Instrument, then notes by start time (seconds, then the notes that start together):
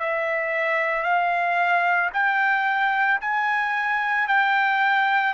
trumpet
0.00 E5
1.03 F5
2.13 G5
3.21 G#5
4.28 G5